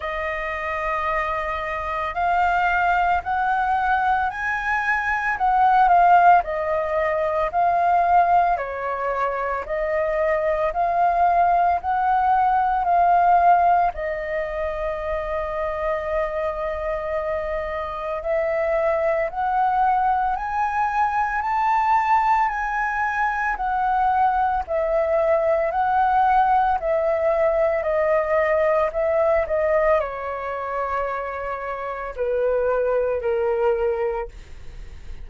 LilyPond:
\new Staff \with { instrumentName = "flute" } { \time 4/4 \tempo 4 = 56 dis''2 f''4 fis''4 | gis''4 fis''8 f''8 dis''4 f''4 | cis''4 dis''4 f''4 fis''4 | f''4 dis''2.~ |
dis''4 e''4 fis''4 gis''4 | a''4 gis''4 fis''4 e''4 | fis''4 e''4 dis''4 e''8 dis''8 | cis''2 b'4 ais'4 | }